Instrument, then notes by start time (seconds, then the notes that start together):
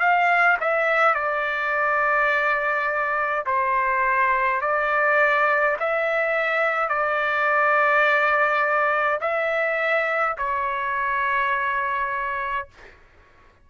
trumpet
0.00 F5
0.61 E5
1.15 D5
3.46 C5
4.62 D5
5.80 E5
6.89 D5
9.22 E5
10.38 C#5